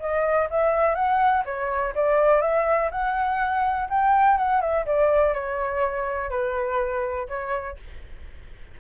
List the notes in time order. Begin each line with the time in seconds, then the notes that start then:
0.00 D#5
0.51 E5
0.95 F#5
1.45 C#5
1.95 D5
2.42 E5
2.91 F#5
3.90 G5
4.37 F#5
4.61 E5
4.86 D5
5.34 C#5
6.30 B4
7.29 C#5